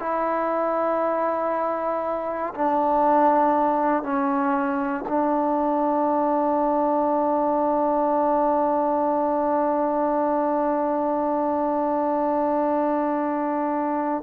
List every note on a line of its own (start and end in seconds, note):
0.00 2.54 E4
2.55 4.03 D4
4.03 5.05 C#4
5.09 14.24 D4